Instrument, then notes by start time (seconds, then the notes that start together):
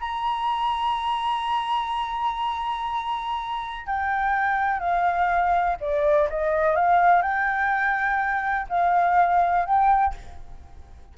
flute
0.00 A#5
3.86 G5
4.79 F5
5.80 D5
6.29 D#5
6.75 F5
7.22 G5
8.69 F5
9.65 G5